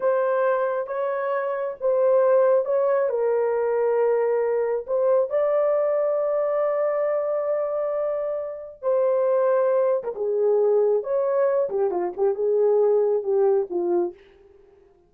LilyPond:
\new Staff \with { instrumentName = "horn" } { \time 4/4 \tempo 4 = 136 c''2 cis''2 | c''2 cis''4 ais'4~ | ais'2. c''4 | d''1~ |
d''1 | c''2~ c''8. ais'16 gis'4~ | gis'4 cis''4. g'8 f'8 g'8 | gis'2 g'4 f'4 | }